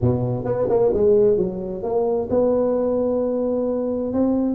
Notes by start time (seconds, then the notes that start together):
0.01 B2
0.44 B3
0.69 A#3
0.93 G#3
1.37 F#3
1.82 A#3
2.30 B3
4.13 C4